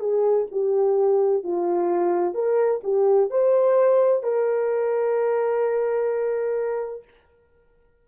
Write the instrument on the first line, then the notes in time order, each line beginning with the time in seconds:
horn
0.00 G#4
0.52 G4
1.44 F4
2.34 A#4
2.84 G4
3.31 C5
4.23 A#4